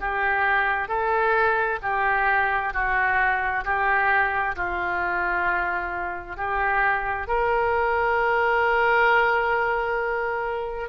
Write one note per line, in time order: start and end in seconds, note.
0.00 0.88 G4
0.88 1.79 A4
1.82 2.73 G4
2.73 3.64 F#4
3.64 4.55 G4
4.55 6.36 F4
6.36 7.27 G4
7.27 10.89 A#4